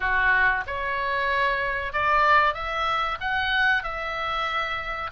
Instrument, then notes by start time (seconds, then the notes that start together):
oboe
0.00 F#4
0.66 C#5
1.92 D5
2.54 E5
3.20 F#5
3.83 E5